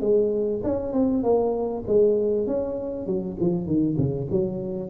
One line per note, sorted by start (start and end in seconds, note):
0.00 0.61 G#3
0.63 0.92 C#4
0.92 1.23 C4
1.23 1.83 A#3
1.87 2.46 G#3
2.46 3.06 C#4
3.06 3.36 F#3
3.40 3.66 F3
3.66 3.96 D#3
3.97 4.27 C#3
4.30 4.89 F#3